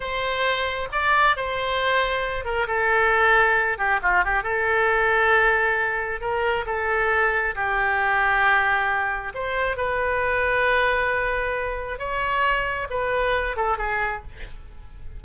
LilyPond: \new Staff \with { instrumentName = "oboe" } { \time 4/4 \tempo 4 = 135 c''2 d''4 c''4~ | c''4. ais'8 a'2~ | a'8 g'8 f'8 g'8 a'2~ | a'2 ais'4 a'4~ |
a'4 g'2.~ | g'4 c''4 b'2~ | b'2. cis''4~ | cis''4 b'4. a'8 gis'4 | }